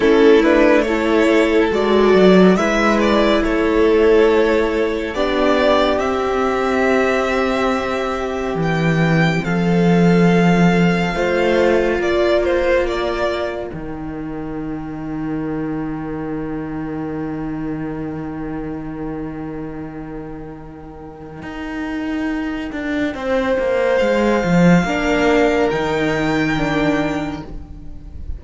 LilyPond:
<<
  \new Staff \with { instrumentName = "violin" } { \time 4/4 \tempo 4 = 70 a'8 b'8 cis''4 d''4 e''8 d''8 | cis''2 d''4 e''4~ | e''2 g''4 f''4~ | f''2 d''8 c''8 d''4 |
g''1~ | g''1~ | g''1 | f''2 g''2 | }
  \new Staff \with { instrumentName = "violin" } { \time 4/4 e'4 a'2 b'4 | a'2 g'2~ | g'2. a'4~ | a'4 c''4 ais'2~ |
ais'1~ | ais'1~ | ais'2. c''4~ | c''4 ais'2. | }
  \new Staff \with { instrumentName = "viola" } { \time 4/4 cis'8 d'8 e'4 fis'4 e'4~ | e'2 d'4 c'4~ | c'1~ | c'4 f'2. |
dis'1~ | dis'1~ | dis'1~ | dis'4 d'4 dis'4 d'4 | }
  \new Staff \with { instrumentName = "cello" } { \time 4/4 a2 gis8 fis8 gis4 | a2 b4 c'4~ | c'2 e4 f4~ | f4 a4 ais2 |
dis1~ | dis1~ | dis4 dis'4. d'8 c'8 ais8 | gis8 f8 ais4 dis2 | }
>>